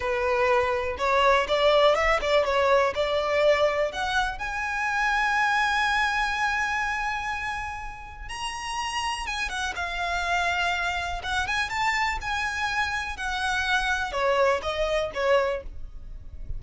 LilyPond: \new Staff \with { instrumentName = "violin" } { \time 4/4 \tempo 4 = 123 b'2 cis''4 d''4 | e''8 d''8 cis''4 d''2 | fis''4 gis''2.~ | gis''1~ |
gis''4 ais''2 gis''8 fis''8 | f''2. fis''8 gis''8 | a''4 gis''2 fis''4~ | fis''4 cis''4 dis''4 cis''4 | }